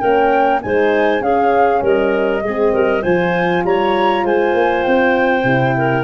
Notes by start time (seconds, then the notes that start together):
0.00 A#3 C#4 A#4 G5
0.62 G#3 D#4 C5 G#5
1.21 C#4 G#4 F5
1.82 G3 A#4 D#5
2.43 G#3 C4 G#4
2.73 G3 A#4
3.02 F3 F4 C5 G#5
3.64 G3 C#5 A#5
4.24 G#3 C5 G#5
4.54 A#3
4.83 C4 G5
5.44 C3 E4
5.78 A#4